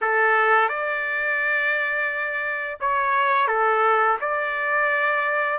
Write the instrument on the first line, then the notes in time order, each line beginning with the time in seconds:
trumpet
0.01 A4
0.68 D5
2.80 C#5
3.47 A4
4.21 D5